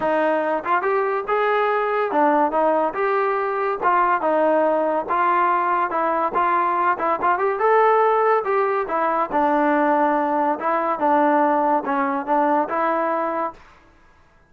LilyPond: \new Staff \with { instrumentName = "trombone" } { \time 4/4 \tempo 4 = 142 dis'4. f'8 g'4 gis'4~ | gis'4 d'4 dis'4 g'4~ | g'4 f'4 dis'2 | f'2 e'4 f'4~ |
f'8 e'8 f'8 g'8 a'2 | g'4 e'4 d'2~ | d'4 e'4 d'2 | cis'4 d'4 e'2 | }